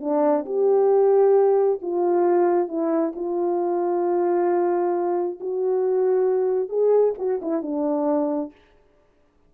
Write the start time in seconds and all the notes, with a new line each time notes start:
0.00 D4
0.45 G4
1.82 F4
2.68 E4
3.15 F4
5.40 F#4
6.69 G#4
7.18 F#4
7.42 E4
7.62 D4